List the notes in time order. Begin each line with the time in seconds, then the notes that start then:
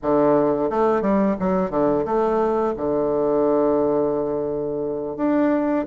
0.02 D3
0.70 A3
1.01 G3
1.39 F#3
1.70 D3
2.05 A3
2.76 D3
5.16 D4